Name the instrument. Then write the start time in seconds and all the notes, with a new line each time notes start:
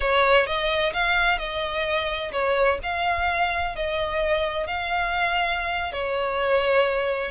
violin
0.00 C#5
0.46 D#5
0.93 F5
1.38 D#5
2.32 C#5
2.82 F5
3.75 D#5
4.66 F5
5.92 C#5